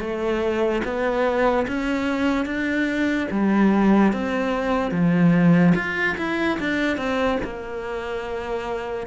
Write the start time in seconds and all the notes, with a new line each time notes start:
0.00 A3
0.84 B3
1.68 C#4
2.46 D4
3.31 G3
4.13 C4
4.91 F3
5.75 F4
6.18 E4
6.60 D4
6.98 C4
7.44 A#3